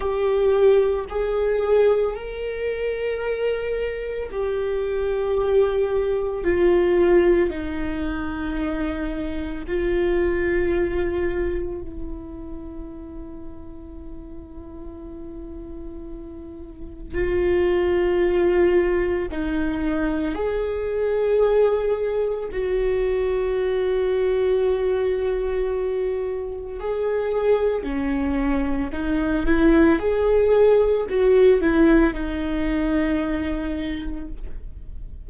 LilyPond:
\new Staff \with { instrumentName = "viola" } { \time 4/4 \tempo 4 = 56 g'4 gis'4 ais'2 | g'2 f'4 dis'4~ | dis'4 f'2 e'4~ | e'1 |
f'2 dis'4 gis'4~ | gis'4 fis'2.~ | fis'4 gis'4 cis'4 dis'8 e'8 | gis'4 fis'8 e'8 dis'2 | }